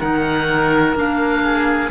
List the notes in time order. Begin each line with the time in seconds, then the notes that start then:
0.00 D#3 D#4 A#4 F#5
0.95 A#3 D4 F5
1.44 G#4